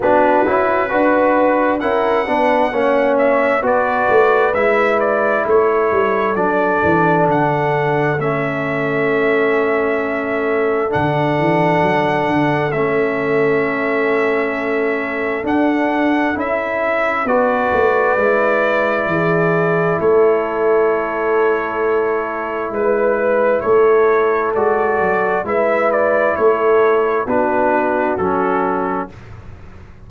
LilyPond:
<<
  \new Staff \with { instrumentName = "trumpet" } { \time 4/4 \tempo 4 = 66 b'2 fis''4. e''8 | d''4 e''8 d''8 cis''4 d''4 | fis''4 e''2. | fis''2 e''2~ |
e''4 fis''4 e''4 d''4~ | d''2 cis''2~ | cis''4 b'4 cis''4 d''4 | e''8 d''8 cis''4 b'4 a'4 | }
  \new Staff \with { instrumentName = "horn" } { \time 4/4 fis'4 b'4 ais'8 b'8 cis''4 | b'2 a'2~ | a'1~ | a'1~ |
a'2. b'4~ | b'4 gis'4 a'2~ | a'4 b'4 a'2 | b'4 a'4 fis'2 | }
  \new Staff \with { instrumentName = "trombone" } { \time 4/4 d'8 e'8 fis'4 e'8 d'8 cis'4 | fis'4 e'2 d'4~ | d'4 cis'2. | d'2 cis'2~ |
cis'4 d'4 e'4 fis'4 | e'1~ | e'2. fis'4 | e'2 d'4 cis'4 | }
  \new Staff \with { instrumentName = "tuba" } { \time 4/4 b8 cis'8 d'4 cis'8 b8 ais4 | b8 a8 gis4 a8 g8 fis8 e8 | d4 a2. | d8 e8 fis8 d8 a2~ |
a4 d'4 cis'4 b8 a8 | gis4 e4 a2~ | a4 gis4 a4 gis8 fis8 | gis4 a4 b4 fis4 | }
>>